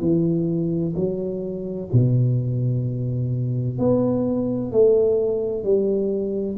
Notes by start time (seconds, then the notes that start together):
0.00 E3
0.95 F#3
1.93 B2
3.78 B3
4.72 A3
5.64 G3